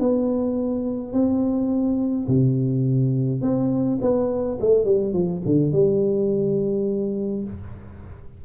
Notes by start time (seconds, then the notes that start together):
0.00 B3
1.13 C4
2.28 C3
3.42 C4
4.02 B3
4.61 A3
4.85 G3
5.14 F3
5.46 D3
5.73 G3